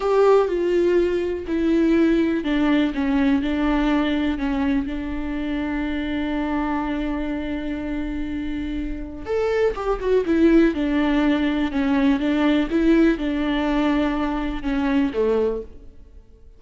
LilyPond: \new Staff \with { instrumentName = "viola" } { \time 4/4 \tempo 4 = 123 g'4 f'2 e'4~ | e'4 d'4 cis'4 d'4~ | d'4 cis'4 d'2~ | d'1~ |
d'2. a'4 | g'8 fis'8 e'4 d'2 | cis'4 d'4 e'4 d'4~ | d'2 cis'4 a4 | }